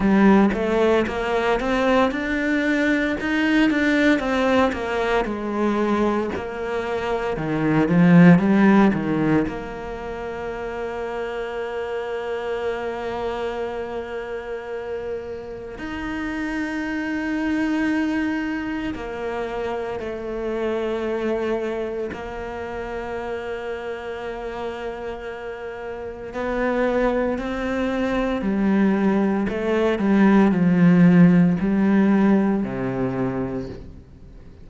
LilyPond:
\new Staff \with { instrumentName = "cello" } { \time 4/4 \tempo 4 = 57 g8 a8 ais8 c'8 d'4 dis'8 d'8 | c'8 ais8 gis4 ais4 dis8 f8 | g8 dis8 ais2.~ | ais2. dis'4~ |
dis'2 ais4 a4~ | a4 ais2.~ | ais4 b4 c'4 g4 | a8 g8 f4 g4 c4 | }